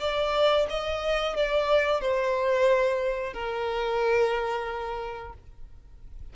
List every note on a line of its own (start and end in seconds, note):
0.00 0.67 D5
0.70 1.36 D#5
1.36 2.01 D5
2.01 3.33 C5
3.33 5.33 A#4